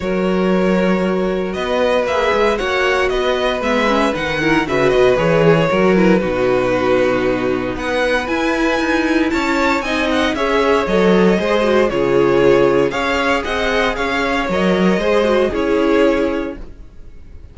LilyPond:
<<
  \new Staff \with { instrumentName = "violin" } { \time 4/4 \tempo 4 = 116 cis''2. dis''4 | e''4 fis''4 dis''4 e''4 | fis''4 e''8 dis''8 cis''4. b'8~ | b'2. fis''4 |
gis''2 a''4 gis''8 fis''8 | e''4 dis''2 cis''4~ | cis''4 f''4 fis''4 f''4 | dis''2 cis''2 | }
  \new Staff \with { instrumentName = "violin" } { \time 4/4 ais'2. b'4~ | b'4 cis''4 b'2~ | b'8 ais'8 b'4. gis'8 ais'4 | fis'2. b'4~ |
b'2 cis''4 dis''4 | cis''2 c''4 gis'4~ | gis'4 cis''4 dis''4 cis''4~ | cis''4 c''4 gis'2 | }
  \new Staff \with { instrumentName = "viola" } { \time 4/4 fis'1 | gis'4 fis'2 b8 cis'8 | dis'8 e'8 fis'4 gis'4 fis'8 e'8 | dis'1 |
e'2. dis'4 | gis'4 a'4 gis'8 fis'8 f'4~ | f'4 gis'2. | ais'4 gis'8 fis'8 e'2 | }
  \new Staff \with { instrumentName = "cello" } { \time 4/4 fis2. b4 | ais8 gis8 ais4 b4 gis4 | dis4 cis8 b,8 e4 fis4 | b,2. b4 |
e'4 dis'4 cis'4 c'4 | cis'4 fis4 gis4 cis4~ | cis4 cis'4 c'4 cis'4 | fis4 gis4 cis'2 | }
>>